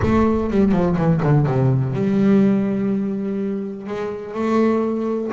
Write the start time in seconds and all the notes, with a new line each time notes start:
0.02 A3
0.50 G3
0.72 F3
0.96 E3
1.23 D3
1.46 C3
1.93 G3
3.86 G#3
4.34 A3